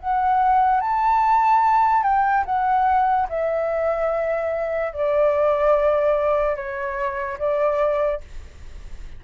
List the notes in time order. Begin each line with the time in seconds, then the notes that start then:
0.00 F#5
0.81 A5
2.03 G5
2.46 F#5
3.29 E5
4.93 D5
6.56 C#5
7.39 D5